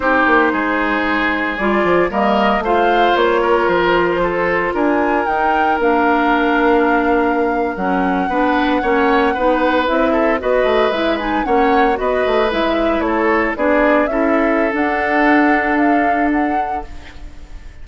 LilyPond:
<<
  \new Staff \with { instrumentName = "flute" } { \time 4/4 \tempo 4 = 114 c''2. d''4 | dis''4 f''4 cis''4 c''4~ | c''4 gis''4 g''4 f''4~ | f''2~ f''8. fis''4~ fis''16~ |
fis''2~ fis''8. e''4 dis''16~ | dis''8. e''8 gis''8 fis''4 dis''4 e''16~ | e''8. cis''4 d''4 e''4~ e''16 | fis''2 f''4 fis''4 | }
  \new Staff \with { instrumentName = "oboe" } { \time 4/4 g'4 gis'2. | ais'4 c''4. ais'4. | a'4 ais'2.~ | ais'2.~ ais'8. b'16~ |
b'8. cis''4 b'4. a'8 b'16~ | b'4.~ b'16 cis''4 b'4~ b'16~ | b'8. a'4 gis'4 a'4~ a'16~ | a'1 | }
  \new Staff \with { instrumentName = "clarinet" } { \time 4/4 dis'2. f'4 | ais4 f'2.~ | f'2 dis'4 d'4~ | d'2~ d'8. cis'4 d'16~ |
d'8. cis'4 dis'4 e'4 fis'16~ | fis'8. e'8 dis'8 cis'4 fis'4 e'16~ | e'4.~ e'16 d'4 e'4~ e'16 | d'1 | }
  \new Staff \with { instrumentName = "bassoon" } { \time 4/4 c'8 ais8 gis2 g8 f8 | g4 a4 ais4 f4~ | f4 d'4 dis'4 ais4~ | ais2~ ais8. fis4 b16~ |
b8. ais4 b4 c'4 b16~ | b16 a8 gis4 ais4 b8 a8 gis16~ | gis8. a4 b4 cis'4~ cis'16 | d'1 | }
>>